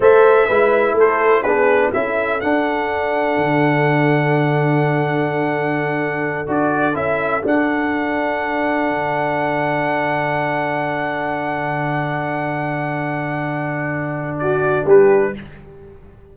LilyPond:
<<
  \new Staff \with { instrumentName = "trumpet" } { \time 4/4 \tempo 4 = 125 e''2 c''4 b'4 | e''4 fis''2.~ | fis''1~ | fis''4. d''4 e''4 fis''8~ |
fis''1~ | fis''1~ | fis''1~ | fis''2 d''4 b'4 | }
  \new Staff \with { instrumentName = "horn" } { \time 4/4 c''4 b'4 a'4 gis'4 | a'1~ | a'1~ | a'1~ |
a'1~ | a'1~ | a'1~ | a'2 fis'4 g'4 | }
  \new Staff \with { instrumentName = "trombone" } { \time 4/4 a'4 e'2 d'4 | e'4 d'2.~ | d'1~ | d'4. fis'4 e'4 d'8~ |
d'1~ | d'1~ | d'1~ | d'1 | }
  \new Staff \with { instrumentName = "tuba" } { \time 4/4 a4 gis4 a4 b4 | cis'4 d'2 d4~ | d1~ | d4. d'4 cis'4 d'8~ |
d'2~ d'8 d4.~ | d1~ | d1~ | d2. g4 | }
>>